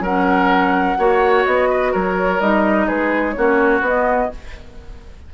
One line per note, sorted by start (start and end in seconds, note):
0.00 0.95 F#3
0.00 0.98 C#4
0.00 0.98 A#4
0.00 1.45 F#5
0.98 1.45 A#3
0.98 2.40 F#4
0.98 1.69 C#5
1.45 1.94 B3
1.45 1.93 D#5
1.69 1.92 B4
1.92 2.40 F#3
1.92 2.86 A#4
1.92 2.40 C#5
2.40 2.87 G3
2.40 3.35 D#4
2.40 2.88 D#5
2.86 3.37 G#3
2.86 3.34 G#4
2.86 3.31 B4
3.31 3.80 A#3
3.31 3.82 C#4
3.31 4.32 F#4
3.31 3.79 C#5
3.80 4.28 B3
3.80 4.30 B3
3.80 4.33 D#5